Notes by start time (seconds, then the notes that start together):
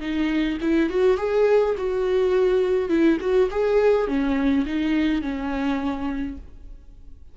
0.00 D#4
0.61 E4
0.89 F#4
1.17 G#4
1.77 F#4
2.89 E4
3.20 F#4
3.50 G#4
4.07 C#4
4.66 D#4
5.21 C#4